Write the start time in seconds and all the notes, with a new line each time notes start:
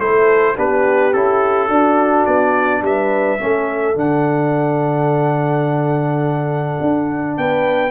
0.00 A3 E4 A4 C5
0.56 B3 D4 G4 B4
1.13 C#4 E4 A4
1.69 D4 F#4
2.26 B3 D5
2.82 G3 B4 E5
3.40 A3 C#4 A4
3.95 D3 D4 F#5
6.81 D4
7.38 B3 B4 G5